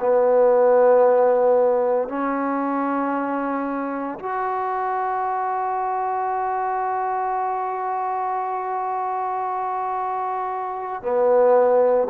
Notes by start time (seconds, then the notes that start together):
0.00 B3
2.08 C#4
4.19 F#4
11.02 B3